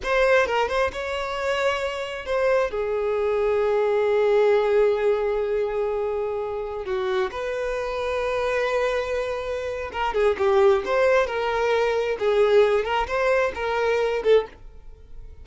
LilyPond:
\new Staff \with { instrumentName = "violin" } { \time 4/4 \tempo 4 = 133 c''4 ais'8 c''8 cis''2~ | cis''4 c''4 gis'2~ | gis'1~ | gis'2.~ gis'16 fis'8.~ |
fis'16 b'2.~ b'8.~ | b'2 ais'8 gis'8 g'4 | c''4 ais'2 gis'4~ | gis'8 ais'8 c''4 ais'4. a'8 | }